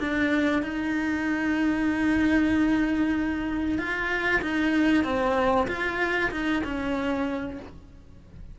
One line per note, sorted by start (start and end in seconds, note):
0.00 0.63 D4
0.63 3.79 D#4
3.79 4.42 F4
4.42 5.04 D#4
5.04 5.68 C4
5.68 6.31 F4
6.32 6.63 D#4
6.65 7.59 C#4